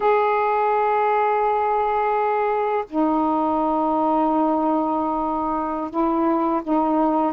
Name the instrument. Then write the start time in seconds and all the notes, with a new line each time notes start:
saxophone
0.00 G#4
2.89 D#4
5.90 E4
6.63 D#4